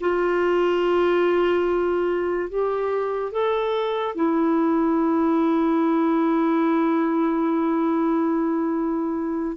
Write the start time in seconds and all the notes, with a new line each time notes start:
0.00 F4
2.49 G4
3.32 A4
4.15 E4